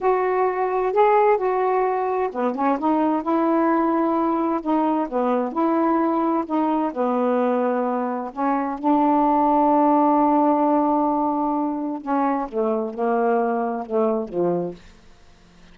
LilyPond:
\new Staff \with { instrumentName = "saxophone" } { \time 4/4 \tempo 4 = 130 fis'2 gis'4 fis'4~ | fis'4 b8 cis'8 dis'4 e'4~ | e'2 dis'4 b4 | e'2 dis'4 b4~ |
b2 cis'4 d'4~ | d'1~ | d'2 cis'4 a4 | ais2 a4 f4 | }